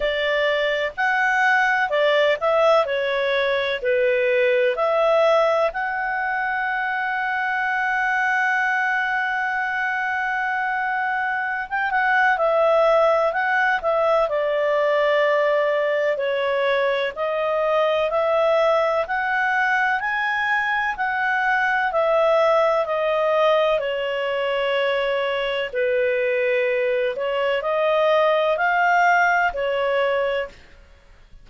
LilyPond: \new Staff \with { instrumentName = "clarinet" } { \time 4/4 \tempo 4 = 63 d''4 fis''4 d''8 e''8 cis''4 | b'4 e''4 fis''2~ | fis''1~ | fis''16 g''16 fis''8 e''4 fis''8 e''8 d''4~ |
d''4 cis''4 dis''4 e''4 | fis''4 gis''4 fis''4 e''4 | dis''4 cis''2 b'4~ | b'8 cis''8 dis''4 f''4 cis''4 | }